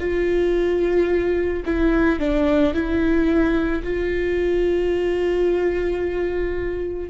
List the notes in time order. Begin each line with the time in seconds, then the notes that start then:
0.00 F4
1.66 E4
2.20 D4
2.74 E4
3.84 F4